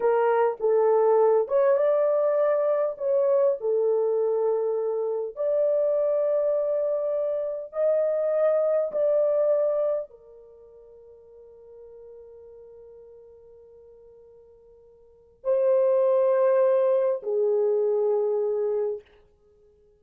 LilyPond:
\new Staff \with { instrumentName = "horn" } { \time 4/4 \tempo 4 = 101 ais'4 a'4. cis''8 d''4~ | d''4 cis''4 a'2~ | a'4 d''2.~ | d''4 dis''2 d''4~ |
d''4 ais'2.~ | ais'1~ | ais'2 c''2~ | c''4 gis'2. | }